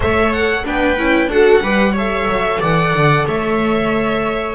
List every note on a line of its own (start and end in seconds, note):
0.00 0.64 A3
0.00 0.64 A4
0.00 0.63 C#5
0.00 0.32 E5
0.32 0.65 F#5
0.64 0.97 B3
0.64 0.97 D4
0.64 1.29 B4
0.64 1.29 G5
0.97 1.26 C#4
0.97 1.30 E4
1.26 1.59 D4
1.26 1.62 F#4
1.26 1.62 A4
1.26 1.95 F#5
1.61 2.26 G3
1.61 1.95 G4
1.61 1.92 B4
1.92 4.55 A4
1.92 2.57 C#5
1.92 2.62 E5
2.27 2.60 F#3
2.60 2.93 E3
2.60 3.25 D5
2.60 3.27 F#5
2.93 3.26 D3
3.27 4.55 A3
3.27 4.55 C#5
3.27 4.55 E5